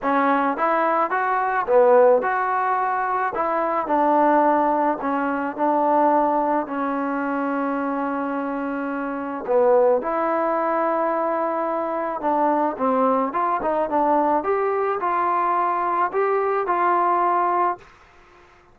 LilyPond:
\new Staff \with { instrumentName = "trombone" } { \time 4/4 \tempo 4 = 108 cis'4 e'4 fis'4 b4 | fis'2 e'4 d'4~ | d'4 cis'4 d'2 | cis'1~ |
cis'4 b4 e'2~ | e'2 d'4 c'4 | f'8 dis'8 d'4 g'4 f'4~ | f'4 g'4 f'2 | }